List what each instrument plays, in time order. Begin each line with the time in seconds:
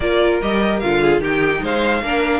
0.00 cello A#3, viola F4, violin A#4 D5
0.41 cello G3, viola G4, violin D#5
0.79 cello D3, viola F4, violin F5
1.01 violin G#4
1.19 cello D#3, viola D#4, violin G4 G5
1.62 cello G#3, violin C5 F5
2.02 cello A#3, viola D4, violin A#4